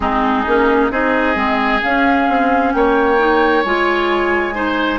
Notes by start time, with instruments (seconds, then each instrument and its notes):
0.00 bassoon G#3, clarinet C4, oboe D#4, flute G#4
0.46 bassoon A#3, clarinet C#4
0.90 bassoon C4, clarinet D#4, oboe G#4, flute D#5
1.35 bassoon G#3, clarinet C4
1.82 clarinet C#4, bassoon C#4, flute F5
2.28 bassoon C4
2.72 bassoon A#3, oboe C#5, flute G5
3.18 clarinet D#4
3.63 bassoon G#3, clarinet F4, flute G#5
4.54 clarinet D#4, oboe C5